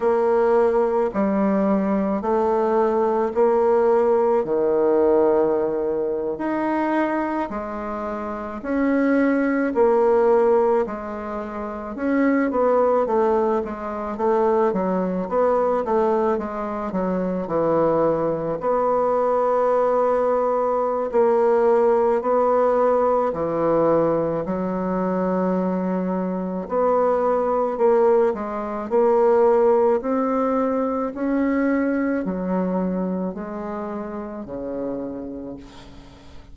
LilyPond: \new Staff \with { instrumentName = "bassoon" } { \time 4/4 \tempo 4 = 54 ais4 g4 a4 ais4 | dis4.~ dis16 dis'4 gis4 cis'16~ | cis'8. ais4 gis4 cis'8 b8 a16~ | a16 gis8 a8 fis8 b8 a8 gis8 fis8 e16~ |
e8. b2~ b16 ais4 | b4 e4 fis2 | b4 ais8 gis8 ais4 c'4 | cis'4 fis4 gis4 cis4 | }